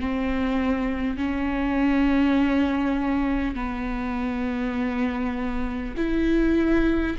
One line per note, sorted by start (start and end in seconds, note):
0.00 1.18 C4
1.18 3.55 C#4
3.55 5.95 B3
5.97 7.17 E4